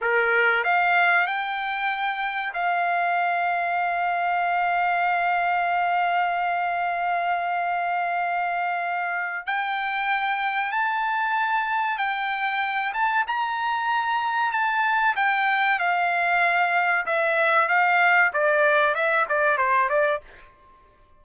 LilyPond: \new Staff \with { instrumentName = "trumpet" } { \time 4/4 \tempo 4 = 95 ais'4 f''4 g''2 | f''1~ | f''1~ | f''2. g''4~ |
g''4 a''2 g''4~ | g''8 a''8 ais''2 a''4 | g''4 f''2 e''4 | f''4 d''4 e''8 d''8 c''8 d''8 | }